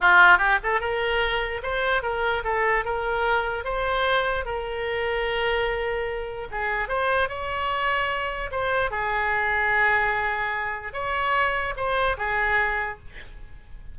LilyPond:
\new Staff \with { instrumentName = "oboe" } { \time 4/4 \tempo 4 = 148 f'4 g'8 a'8 ais'2 | c''4 ais'4 a'4 ais'4~ | ais'4 c''2 ais'4~ | ais'1 |
gis'4 c''4 cis''2~ | cis''4 c''4 gis'2~ | gis'2. cis''4~ | cis''4 c''4 gis'2 | }